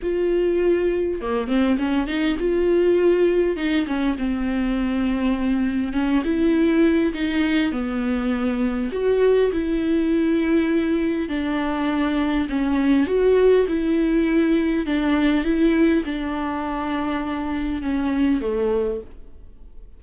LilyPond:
\new Staff \with { instrumentName = "viola" } { \time 4/4 \tempo 4 = 101 f'2 ais8 c'8 cis'8 dis'8 | f'2 dis'8 cis'8 c'4~ | c'2 cis'8 e'4. | dis'4 b2 fis'4 |
e'2. d'4~ | d'4 cis'4 fis'4 e'4~ | e'4 d'4 e'4 d'4~ | d'2 cis'4 a4 | }